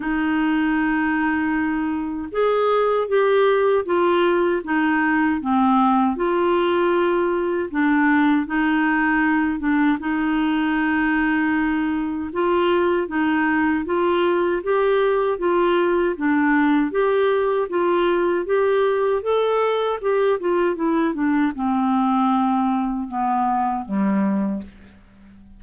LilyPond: \new Staff \with { instrumentName = "clarinet" } { \time 4/4 \tempo 4 = 78 dis'2. gis'4 | g'4 f'4 dis'4 c'4 | f'2 d'4 dis'4~ | dis'8 d'8 dis'2. |
f'4 dis'4 f'4 g'4 | f'4 d'4 g'4 f'4 | g'4 a'4 g'8 f'8 e'8 d'8 | c'2 b4 g4 | }